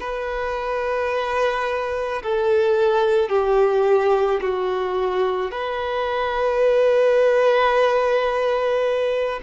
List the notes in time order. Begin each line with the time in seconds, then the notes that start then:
0.00 B4
2.23 A4
3.29 G4
4.41 F#4
5.51 B4